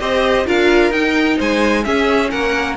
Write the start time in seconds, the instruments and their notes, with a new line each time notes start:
0.00 cello C4, viola G4, violin C5 D#5
0.45 cello D4, viola F4, violin A#4 F5
0.91 cello D#4, viola D#4, violin G5
1.37 cello G#3, violin C5 G#5
1.84 viola C#4, cello C#4, violin G#4 E5
2.30 cello A#3, violin A#4 F#5